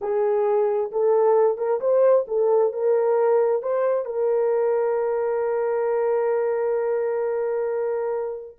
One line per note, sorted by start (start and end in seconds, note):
0.01 0.91 G#4
0.91 1.57 A4
1.57 1.80 A#4
1.80 2.25 C5
2.27 2.72 A4
2.73 3.62 A#4
3.62 4.05 C5
4.05 8.56 A#4